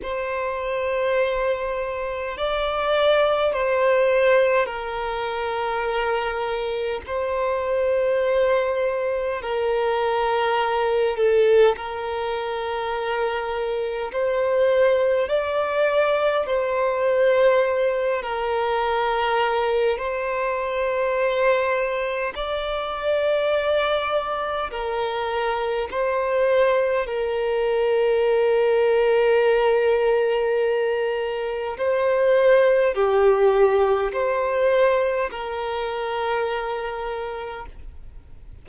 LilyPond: \new Staff \with { instrumentName = "violin" } { \time 4/4 \tempo 4 = 51 c''2 d''4 c''4 | ais'2 c''2 | ais'4. a'8 ais'2 | c''4 d''4 c''4. ais'8~ |
ais'4 c''2 d''4~ | d''4 ais'4 c''4 ais'4~ | ais'2. c''4 | g'4 c''4 ais'2 | }